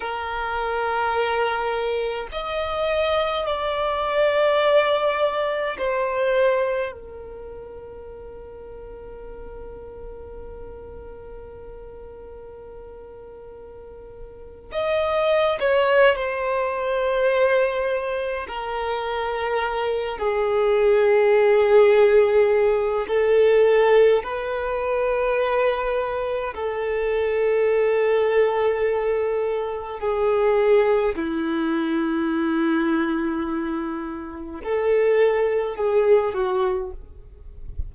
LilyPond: \new Staff \with { instrumentName = "violin" } { \time 4/4 \tempo 4 = 52 ais'2 dis''4 d''4~ | d''4 c''4 ais'2~ | ais'1~ | ais'8. dis''8. cis''8 c''2 |
ais'4. gis'2~ gis'8 | a'4 b'2 a'4~ | a'2 gis'4 e'4~ | e'2 a'4 gis'8 fis'8 | }